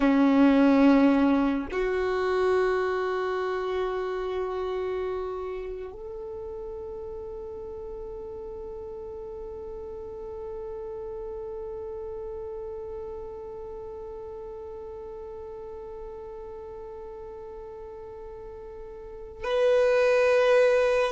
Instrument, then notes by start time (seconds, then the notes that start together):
violin
0.00 C#4
1.71 F#4
5.92 A4
19.44 B4